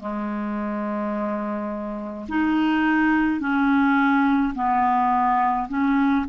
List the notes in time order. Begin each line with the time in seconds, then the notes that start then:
0.00 G#3
2.29 D#4
3.41 C#4
4.55 B3
5.69 C#4